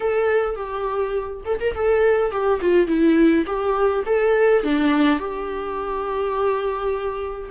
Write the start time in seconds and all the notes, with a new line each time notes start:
0.00 A4
0.55 G4
1.45 A4
1.60 A#4
1.74 A4
2.31 G4
2.60 F4
2.87 E4
3.46 G4
4.05 A4
4.63 D4
5.19 G4